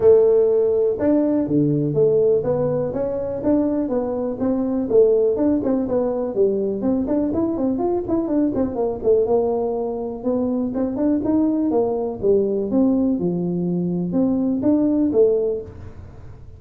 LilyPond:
\new Staff \with { instrumentName = "tuba" } { \time 4/4 \tempo 4 = 123 a2 d'4 d4 | a4 b4 cis'4 d'4 | b4 c'4 a4 d'8 c'8 | b4 g4 c'8 d'8 e'8 c'8 |
f'8 e'8 d'8 c'8 ais8 a8 ais4~ | ais4 b4 c'8 d'8 dis'4 | ais4 g4 c'4 f4~ | f4 c'4 d'4 a4 | }